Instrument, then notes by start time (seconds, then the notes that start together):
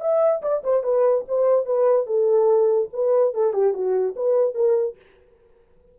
horn
0.00 E5
0.42 D5
0.63 C5
0.83 B4
1.28 C5
1.65 B4
2.06 A4
2.93 B4
3.34 A4
3.53 G4
3.73 F#4
4.16 B4
4.54 A#4